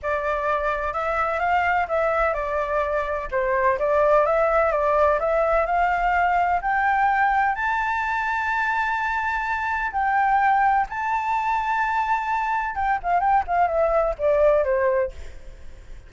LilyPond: \new Staff \with { instrumentName = "flute" } { \time 4/4 \tempo 4 = 127 d''2 e''4 f''4 | e''4 d''2 c''4 | d''4 e''4 d''4 e''4 | f''2 g''2 |
a''1~ | a''4 g''2 a''4~ | a''2. g''8 f''8 | g''8 f''8 e''4 d''4 c''4 | }